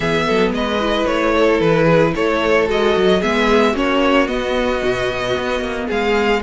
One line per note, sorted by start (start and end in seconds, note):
0.00 0.26 E3
0.00 0.79 B3
0.00 0.26 G#4
0.00 0.52 E5
0.26 0.51 F#3
0.26 0.53 A4
0.51 1.04 G#3
0.51 1.34 B4
0.51 1.06 D#5
0.80 2.67 E4
1.06 1.60 A3
1.06 1.60 C#5
1.34 1.84 A4
1.60 2.13 E3
1.60 2.14 B4
1.84 2.11 G#4
2.15 2.69 A3
2.15 3.20 A4
2.15 2.68 C#5
2.67 2.96 G#3
2.67 3.21 F#4
2.67 3.22 D#5
2.97 3.23 F#3
3.20 3.74 G#3
3.20 3.74 B3
3.20 3.72 G#4
3.20 3.75 E5
3.72 4.27 A#3
3.72 4.27 C#4
3.72 5.86 F#4
3.72 4.27 C#5
4.27 4.81 B3
4.27 6.42 B3
4.27 5.88 D#5
4.84 5.37 B2
5.37 5.60 B3
5.60 5.87 A#3
5.87 6.42 G#3
5.87 6.40 G#4
5.87 6.42 F5